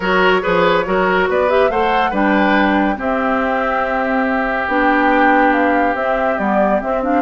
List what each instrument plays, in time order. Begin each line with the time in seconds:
0.00 bassoon F#3, clarinet F#4, oboe A#4, flute C#5
0.41 bassoon F3, clarinet G#4, oboe B4
0.85 bassoon F#3, clarinet F#4, oboe A#4
1.28 bassoon B3, oboe B4, flute D5
1.48 clarinet G4, flute E5
1.69 bassoon A3, clarinet A4, oboe C5, flute F#5
2.10 bassoon G3, clarinet D4, oboe B4, flute G5
2.95 clarinet C4, bassoon C4, oboe G4, flute E5
4.67 bassoon B3, clarinet D4, flute G5
5.52 flute F5
5.94 bassoon C4, clarinet C4, flute E5
6.37 bassoon G3, clarinet B3, flute D5
6.81 clarinet C4, bassoon C4, flute E5
7.02 clarinet D4, flute F5